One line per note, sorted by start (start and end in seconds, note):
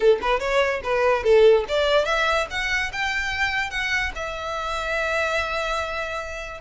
0.00 0.19 A4
0.21 0.39 B4
0.39 0.81 C#5
0.83 1.23 B4
1.23 1.65 A4
1.68 2.05 D5
2.05 2.46 E5
2.50 2.91 F#5
2.92 3.70 G5
3.70 4.12 F#5
4.15 6.61 E5